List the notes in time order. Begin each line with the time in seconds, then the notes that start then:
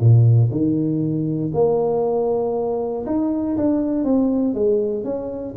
0.00 A#2
0.51 D#3
1.54 A#3
3.06 D#4
3.57 D4
4.04 C4
4.54 G#3
5.04 C#4